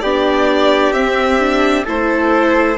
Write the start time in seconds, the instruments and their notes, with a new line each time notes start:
0.00 bassoon B3, viola D4, trumpet G4, violin D5
0.92 bassoon C4, viola C4, violin E5
1.39 viola D4
1.85 bassoon A3, viola E4, trumpet A4, violin C5